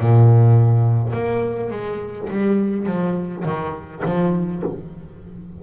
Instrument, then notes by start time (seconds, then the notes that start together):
double bass
0.00 A#2
1.13 A#3
1.71 G#3
2.30 G3
2.87 F3
3.45 D#3
4.05 F3